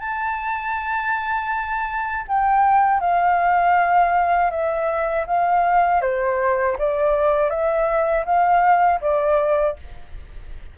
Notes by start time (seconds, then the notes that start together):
0.00 A5
2.28 G5
3.00 F5
4.50 E5
5.26 F5
6.01 C5
6.78 D5
7.50 E5
8.25 F5
9.01 D5